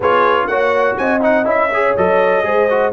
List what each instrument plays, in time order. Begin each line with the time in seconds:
0.00 tuba B3, trombone F4, horn G#4, trumpet C#5
0.47 tuba A#3, trombone F#4, horn C#5, trumpet F#5
0.97 tuba C4, horn D#5, trumpet G#5
1.21 trombone D#4, trumpet F#5
1.45 tuba C#4, trombone E4, trumpet E5
1.73 trombone G#4, horn C#5
1.96 tuba F#3, trombone A4, trumpet D#5
2.43 tuba G#3, trombone G#4, horn C5
2.70 trombone F#4